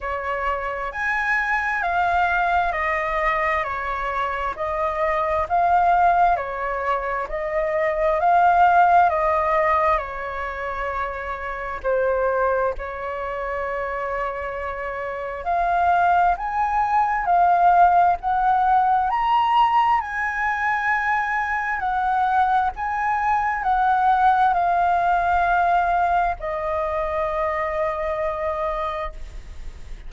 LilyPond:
\new Staff \with { instrumentName = "flute" } { \time 4/4 \tempo 4 = 66 cis''4 gis''4 f''4 dis''4 | cis''4 dis''4 f''4 cis''4 | dis''4 f''4 dis''4 cis''4~ | cis''4 c''4 cis''2~ |
cis''4 f''4 gis''4 f''4 | fis''4 ais''4 gis''2 | fis''4 gis''4 fis''4 f''4~ | f''4 dis''2. | }